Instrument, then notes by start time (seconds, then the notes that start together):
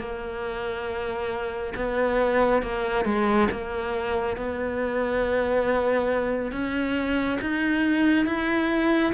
cello
0.00 A#3
1.76 B3
2.62 A#3
3.06 G#3
3.51 A#3
4.37 B3
6.52 C#4
7.42 D#4
8.26 E4